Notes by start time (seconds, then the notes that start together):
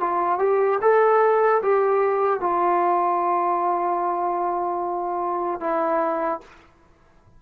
0.00 F4
0.39 G4
0.82 A4
1.62 G4
2.40 F4
5.60 E4